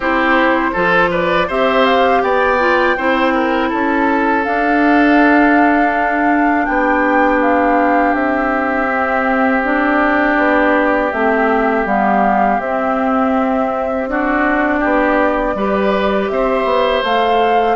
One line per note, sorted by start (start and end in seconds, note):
0.00 0.70 C4
0.00 0.75 E4
0.00 0.71 G4
0.00 1.12 C5
0.72 1.49 F3
0.72 1.49 F4
0.72 1.09 A4
1.10 1.47 B4
1.10 1.49 D5
1.47 2.22 C4
1.47 2.59 G4
1.47 2.21 C5
1.47 1.84 E5
1.84 2.21 F5
2.22 2.96 B3
2.22 2.96 D5
2.22 3.70 G5
2.59 2.96 F4
2.96 3.72 C4
2.96 4.43 E4
2.96 3.33 C5
3.33 3.68 A#4
3.68 4.46 C#4
3.68 6.65 A4
3.68 4.44 A5
4.43 8.87 D4
4.43 6.67 D4
4.43 6.65 F5
6.65 8.13 B3
6.65 14.09 G4
6.65 7.39 G5
7.41 8.14 F5
8.13 10.35 C4
8.13 9.62 E5
8.88 9.62 C4
9.63 11.11 D4
9.63 11.12 D5
10.37 11.11 B3
11.12 11.85 A3
11.12 11.85 C4
11.12 11.86 E5
11.85 12.58 G3
11.85 12.59 B3
11.85 12.60 F5
12.58 14.81 C4
12.58 14.07 C4
12.58 14.08 E5
14.07 15.55 D4
14.07 14.79 F#4
14.07 16.28 D5
14.79 15.54 B3
14.79 15.53 G4
15.54 16.29 G3
15.54 17.05 G4
15.54 16.31 B4
16.28 16.64 C4
16.28 17.76 C5
16.28 17.02 E5
16.64 17.01 B3
17.03 17.76 A3
17.03 17.76 A4
17.03 17.76 F5